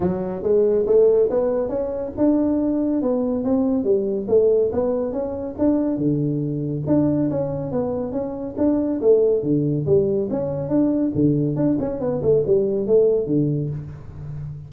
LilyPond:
\new Staff \with { instrumentName = "tuba" } { \time 4/4 \tempo 4 = 140 fis4 gis4 a4 b4 | cis'4 d'2 b4 | c'4 g4 a4 b4 | cis'4 d'4 d2 |
d'4 cis'4 b4 cis'4 | d'4 a4 d4 g4 | cis'4 d'4 d4 d'8 cis'8 | b8 a8 g4 a4 d4 | }